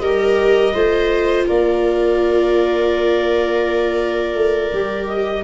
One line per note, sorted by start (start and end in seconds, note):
0.00 0.73 G3
0.00 0.75 G4
0.00 0.74 A#4
0.00 1.45 D#5
0.74 1.47 A3
0.74 4.72 F4
0.74 1.46 C5
1.47 4.34 A#3
1.47 5.44 A#4
1.47 5.08 D5
4.34 4.70 A3
4.73 5.44 G3
4.73 5.44 G4
5.08 5.44 D#5